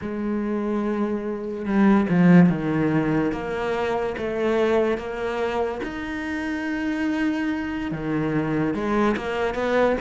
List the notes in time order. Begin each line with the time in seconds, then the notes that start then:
0.01 G#3
1.65 G3
2.09 F3
2.49 D#3
3.32 A#3
4.17 A3
4.97 A#3
5.83 D#4
7.91 D#3
8.73 G#3
9.16 A#3
9.54 B3